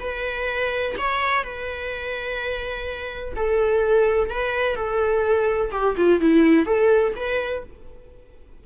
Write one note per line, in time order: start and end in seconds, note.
0.00 0.95 B4
0.98 1.44 C#5
1.44 3.34 B4
3.36 4.30 A4
4.30 4.76 B4
4.76 5.71 A4
5.72 5.95 G4
5.97 6.21 F4
6.21 6.66 E4
6.66 7.13 A4
7.16 7.63 B4